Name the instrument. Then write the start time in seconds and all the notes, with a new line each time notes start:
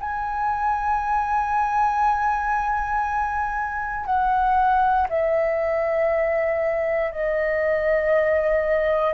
flute
0.00 G#5
4.06 F#5
5.09 E5
7.12 D#5